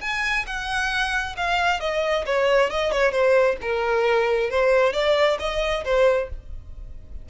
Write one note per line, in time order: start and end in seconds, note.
0.00 0.45 G#5
0.46 1.36 F#5
1.36 1.80 F5
1.80 2.24 D#5
2.26 2.70 C#5
2.70 2.91 D#5
2.91 3.11 C#5
3.11 3.56 C5
3.61 4.50 A#4
4.50 4.93 C5
4.93 5.38 D5
5.39 5.84 D#5
5.84 6.29 C5